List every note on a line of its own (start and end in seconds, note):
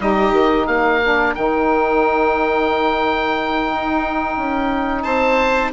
0.00 0.32 G3
0.00 1.01 D#4
0.00 0.68 G4
0.00 0.67 D#5
0.32 0.66 D#3
0.67 1.35 A#3
0.67 5.04 A#4
0.67 1.35 F5
1.03 1.36 D4
1.35 3.73 D#3
1.35 5.73 D#4
1.35 5.03 G5
3.73 4.38 D#4
4.38 5.05 C#4
5.03 5.73 C4
5.03 5.72 C5
5.03 5.71 A5